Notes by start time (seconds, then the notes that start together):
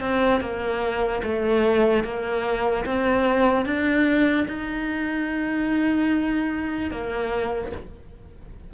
0.00 C4
0.41 A#3
1.23 A3
2.03 A#3
2.85 C4
3.65 D4
4.47 D#4
6.91 A#3